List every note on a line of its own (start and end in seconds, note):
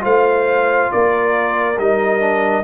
0.00 0.91 A3
0.00 1.74 F4
0.00 0.90 C5
0.00 0.91 F5
0.91 1.78 A#3
0.91 2.63 A#4
0.91 1.78 D5
1.78 2.63 G3
1.78 2.20 D#4
1.78 2.63 D#5
2.20 2.63 D4